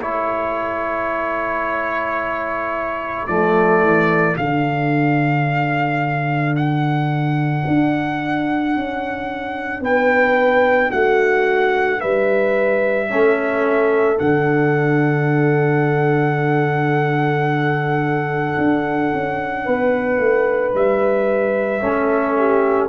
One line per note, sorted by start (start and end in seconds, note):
0.00 3.28 A3
0.00 3.28 E4
0.00 9.82 A4
0.00 3.27 C#5
3.27 3.82 F3
3.27 4.37 A3
3.27 4.36 D5
3.82 4.36 E3
4.37 7.65 D3
4.37 13.10 D4
4.37 6.56 F5
6.56 9.84 F#5
7.67 8.76 D4
8.76 9.80 C#4
9.80 10.89 B3
9.80 10.90 B4
9.80 10.91 G5
10.90 12.02 A3
10.90 11.99 F#4
10.90 12.00 F#5
12.00 13.11 G3
12.00 13.09 B4
12.00 14.19 E5
13.10 14.20 A3
13.10 14.16 C#4
13.10 19.65 A4
14.16 18.57 D3
14.16 21.80 D4
14.16 20.74 F#5
18.58 19.12 D4
19.13 19.67 C#4
19.65 20.18 B3
19.65 21.82 B4
20.18 20.73 A3
20.74 21.83 G3
20.74 22.89 E5
21.81 22.89 A3
21.81 22.89 C#4
21.81 22.37 A4
22.37 22.89 G4